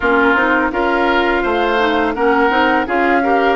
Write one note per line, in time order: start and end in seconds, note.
0.00 0.34 A#3
0.00 0.36 C#4
0.00 0.71 F4
0.00 0.71 A#4
0.34 0.69 C4
0.34 0.72 D#4
0.71 1.43 C#4
0.71 1.78 F4
0.71 1.42 A#4
0.71 2.14 F5
1.42 2.15 A3
1.42 2.13 C5
1.78 2.14 D#4
2.14 2.50 A#3
2.14 2.50 C#4
2.14 2.86 A#4
2.14 2.85 F#5
2.50 2.85 C4
2.50 2.85 D#4
2.86 3.55 C#4
2.86 3.22 F4
2.86 3.22 G#4
2.86 3.55 F5
3.23 3.55 G4
3.23 3.55 A#4